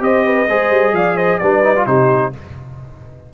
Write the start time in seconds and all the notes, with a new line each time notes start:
0.00 C4 G4 C5 D#5
0.26 B4
0.48 G#3 G#4 C5
0.70 G3
0.92 F3 D5 F5
1.17 C5 D#5
1.39 G3 D4 B4 D5
1.64 D#4
1.76 F4
1.86 C3 D#4 G4 C5